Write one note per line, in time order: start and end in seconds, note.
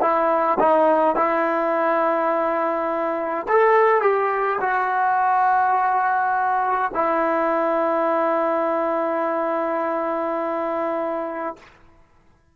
0.00 0.58 E4
0.59 1.15 D#4
1.15 3.46 E4
3.48 4.01 A4
4.01 4.59 G4
4.60 6.91 F#4
6.94 11.55 E4